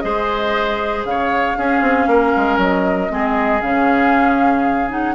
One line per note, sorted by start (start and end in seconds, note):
0.00 1.05 G#3
0.00 1.56 G#4
0.00 1.07 C5
0.00 1.03 D#5
1.05 1.56 C#3
1.05 1.58 C#5
1.05 2.59 F5
1.57 1.81 C#4
1.57 3.09 C#4
1.57 2.09 G#4
1.81 2.07 C4
2.07 2.32 A#3
2.07 3.12 A#4
2.36 2.58 G#3
2.58 3.09 F#3
2.58 3.61 D#5
3.09 3.62 G#3
3.09 3.60 C4
3.09 5.15 G#4
3.61 5.15 C#3
3.61 4.89 C#4
3.61 4.90 F5
4.89 5.15 D#4
4.89 5.15 F#5